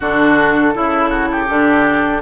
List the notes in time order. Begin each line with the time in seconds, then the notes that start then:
0.00 D3 D4 F#4 A4
0.74 C#3 E4
1.09 F#4
1.31 G4
1.48 D3 D4